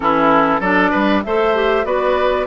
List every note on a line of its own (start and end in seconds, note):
0.00 0.60 E3
0.00 0.61 C#4
0.00 0.60 E4
0.00 0.61 A4
0.60 0.91 F#3
0.60 1.24 D4
0.60 0.90 A4
0.60 1.22 D5
0.90 1.24 G3
0.90 1.21 B4
1.23 1.85 A3
1.23 1.54 A4
1.23 1.86 C5
1.23 1.85 E5
1.54 1.84 G4
1.84 2.46 B3
1.84 2.46 F#4
1.84 2.46 B4
1.84 2.46 D5